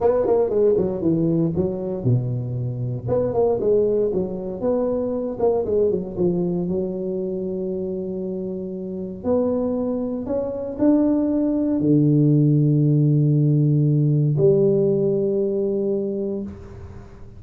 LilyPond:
\new Staff \with { instrumentName = "tuba" } { \time 4/4 \tempo 4 = 117 b8 ais8 gis8 fis8 e4 fis4 | b,2 b8 ais8 gis4 | fis4 b4. ais8 gis8 fis8 | f4 fis2.~ |
fis2 b2 | cis'4 d'2 d4~ | d1 | g1 | }